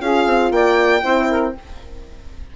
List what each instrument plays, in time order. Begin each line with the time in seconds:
0.00 bassoon C#4, horn F4, saxophone G#4, violin F5
0.26 bassoon C4
0.51 bassoon A#3, saxophone D5, violin G5
1.02 bassoon C4, horn E4, saxophone C5
1.30 saxophone A#4